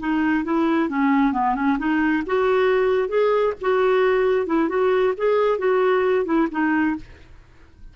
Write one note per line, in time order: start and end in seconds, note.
0.00 0.44 D#4
0.44 0.89 E4
0.89 1.33 C#4
1.33 1.55 B3
1.55 1.77 C#4
1.78 2.23 D#4
2.26 3.08 F#4
3.08 3.53 G#4
3.61 4.46 F#4
4.46 4.69 E4
4.69 5.14 F#4
5.17 5.58 G#4
5.58 6.25 F#4
6.25 6.47 E4
6.51 6.96 D#4